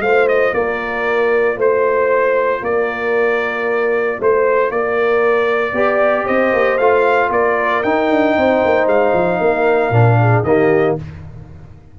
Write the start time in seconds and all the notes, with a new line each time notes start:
0.00 A3 F4 C5 F5
0.28 D#5
0.54 A#3 A#4 D5
1.56 A3 C5
2.62 A#3 A#4 D5
4.19 A3 C5
4.71 A#3 A#4 D5
5.73 B3 G4 D5
6.25 C4 C5 D#5
6.53 A#3
6.78 A3 F4 F5
7.30 A#3 A#4 D5
7.83 D#4 G5
8.10 D4
8.37 C4 C5
8.65 A#3
8.87 G#3 F5
9.14 F3
9.40 A#3 A#4
9.91 A#2 D4
10.21 G#4
10.43 D#3 A#3 G4 D#5